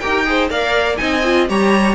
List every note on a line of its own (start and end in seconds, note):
0.00 0.51 D#4
0.00 0.26 G4
0.00 0.26 A#4
0.00 0.49 G5
0.26 0.50 G#4
0.26 0.50 C5
0.50 0.99 A#3
0.50 0.97 A#4
0.50 0.99 D5
0.50 0.97 F5
0.97 1.50 C4
0.97 1.22 D#4
0.97 1.50 D#5
0.97 1.46 G#5
1.25 1.49 F4
1.49 1.95 G3
1.49 1.95 G4
1.49 1.95 C#5
1.49 1.95 A#5